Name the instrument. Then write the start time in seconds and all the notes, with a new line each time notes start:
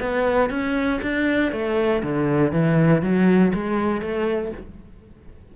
cello
0.00 B3
0.50 C#4
1.02 D4
1.52 A3
2.03 D3
2.52 E3
3.02 F#3
3.54 G#3
4.01 A3